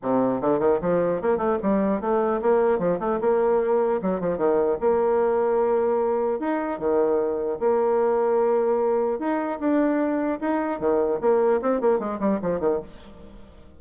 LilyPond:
\new Staff \with { instrumentName = "bassoon" } { \time 4/4 \tempo 4 = 150 c4 d8 dis8 f4 ais8 a8 | g4 a4 ais4 f8 a8 | ais2 fis8 f8 dis4 | ais1 |
dis'4 dis2 ais4~ | ais2. dis'4 | d'2 dis'4 dis4 | ais4 c'8 ais8 gis8 g8 f8 dis8 | }